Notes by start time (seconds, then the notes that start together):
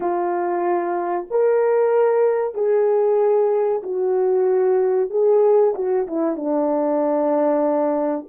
0.00 F4
1.30 A#4
2.54 G#4
3.82 F#4
5.10 G#4
5.74 F#4
6.07 E4
6.35 D4